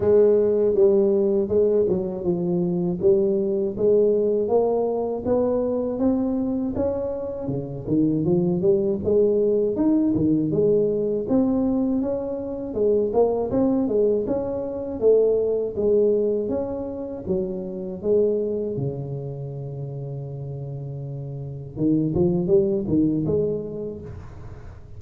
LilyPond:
\new Staff \with { instrumentName = "tuba" } { \time 4/4 \tempo 4 = 80 gis4 g4 gis8 fis8 f4 | g4 gis4 ais4 b4 | c'4 cis'4 cis8 dis8 f8 g8 | gis4 dis'8 dis8 gis4 c'4 |
cis'4 gis8 ais8 c'8 gis8 cis'4 | a4 gis4 cis'4 fis4 | gis4 cis2.~ | cis4 dis8 f8 g8 dis8 gis4 | }